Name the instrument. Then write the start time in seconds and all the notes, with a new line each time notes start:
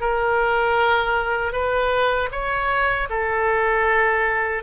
oboe
0.00 A#4
1.52 B4
2.31 C#5
3.09 A4